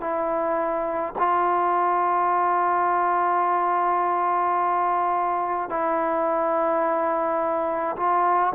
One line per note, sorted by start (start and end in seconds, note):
0.00 1.13 E4
1.18 5.69 F4
5.69 7.96 E4
7.96 8.53 F4